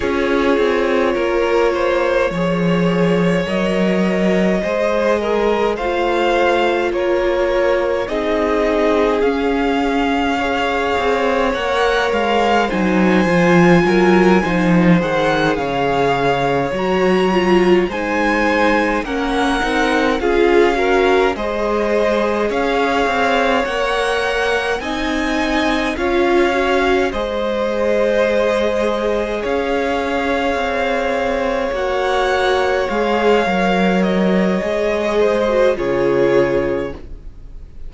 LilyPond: <<
  \new Staff \with { instrumentName = "violin" } { \time 4/4 \tempo 4 = 52 cis''2. dis''4~ | dis''4 f''4 cis''4 dis''4 | f''2 fis''8 f''8 gis''4~ | gis''4 fis''8 f''4 ais''4 gis''8~ |
gis''8 fis''4 f''4 dis''4 f''8~ | f''8 fis''4 gis''4 f''4 dis''8~ | dis''4. f''2 fis''8~ | fis''8 f''4 dis''4. cis''4 | }
  \new Staff \with { instrumentName = "violin" } { \time 4/4 gis'4 ais'8 c''8 cis''2 | c''8 ais'8 c''4 ais'4 gis'4~ | gis'4 cis''2 c''4 | ais'8 c''4 cis''2 c''8~ |
c''8 ais'4 gis'8 ais'8 c''4 cis''8~ | cis''4. dis''4 cis''4 c''8~ | c''4. cis''2~ cis''8~ | cis''2~ cis''8 c''8 gis'4 | }
  \new Staff \with { instrumentName = "viola" } { \time 4/4 f'2 gis'4 ais'4 | gis'4 f'2 dis'4 | cis'4 gis'4 ais'4 dis'8 f'8~ | f'8 dis'8 gis'4. fis'8 f'8 dis'8~ |
dis'8 cis'8 dis'8 f'8 fis'8 gis'4.~ | gis'8 ais'4 dis'4 f'8 fis'8 gis'8~ | gis'2.~ gis'8 fis'8~ | fis'8 gis'8 ais'4 gis'8. fis'16 f'4 | }
  \new Staff \with { instrumentName = "cello" } { \time 4/4 cis'8 c'8 ais4 f4 fis4 | gis4 a4 ais4 c'4 | cis'4. c'8 ais8 gis8 fis8 f8 | fis8 f8 dis8 cis4 fis4 gis8~ |
gis8 ais8 c'8 cis'4 gis4 cis'8 | c'8 ais4 c'4 cis'4 gis8~ | gis4. cis'4 c'4 ais8~ | ais8 gis8 fis4 gis4 cis4 | }
>>